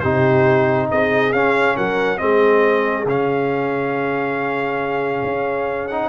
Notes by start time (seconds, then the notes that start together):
0.00 C3 D#4 G4 C5
0.90 C4 G#4 D#5
1.33 C#4 F5
1.76 F#3 A#4 F#5
2.18 G#3 C4 G#4 D#5
3.05 C#3 C#4 F5
5.23 C#4
5.88 D#4 F#5